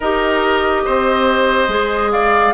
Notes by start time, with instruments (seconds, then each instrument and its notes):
0.00 bassoon D#4, clarinet G4, oboe A#4, flute D#5
0.84 bassoon C4, oboe C5
1.67 bassoon G#3, clarinet G#4
2.11 oboe D5, flute F5